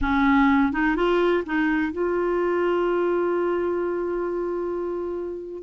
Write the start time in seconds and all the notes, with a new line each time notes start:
0.01 C#4
0.72 D#4
0.96 F4
1.46 D#4
1.92 F4